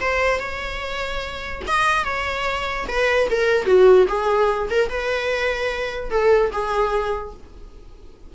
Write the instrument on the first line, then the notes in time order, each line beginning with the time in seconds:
viola
0.00 C5
0.39 C#5
1.67 D#5
2.04 C#5
2.87 B4
3.30 A#4
3.65 F#4
4.07 G#4
4.70 A#4
4.89 B4
6.10 A4
6.51 G#4